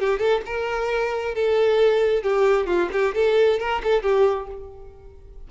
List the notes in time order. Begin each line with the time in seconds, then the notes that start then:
0.00 G4
0.19 A4
0.46 A#4
1.35 A4
2.23 G4
2.67 F4
2.92 G4
3.15 A4
3.60 A#4
3.84 A4
4.03 G4